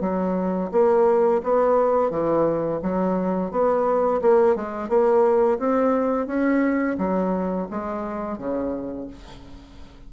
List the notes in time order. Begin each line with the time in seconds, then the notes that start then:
0.00 F#3
0.71 A#3
1.43 B3
2.10 E3
2.82 F#3
3.51 B3
4.21 A#3
4.55 G#3
4.88 A#3
5.58 C4
6.27 C#4
6.97 F#3
7.70 G#3
8.38 C#3